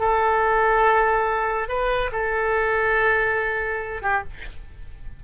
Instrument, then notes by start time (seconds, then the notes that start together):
oboe
0.00 A4
1.69 B4
2.12 A4
4.02 G4